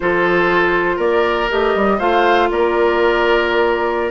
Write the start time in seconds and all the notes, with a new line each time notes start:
0.00 F3 F4 A4 C5
0.96 A#3 A#4 D5
1.50 A3 G4 D#5
1.75 G3
1.98 A3 F4 C5 F5
2.50 A#3 A#4 D5